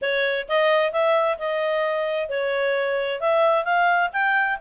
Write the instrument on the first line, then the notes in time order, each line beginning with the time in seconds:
clarinet
0.01 C#5
0.48 D#5
0.92 E5
1.38 D#5
2.29 C#5
3.20 E5
3.64 F5
4.13 G5